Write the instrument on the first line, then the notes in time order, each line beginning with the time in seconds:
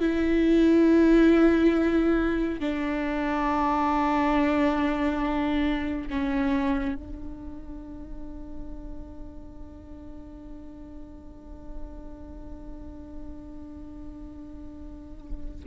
viola
0.00 E4
2.60 D4
6.10 C#4
6.95 D4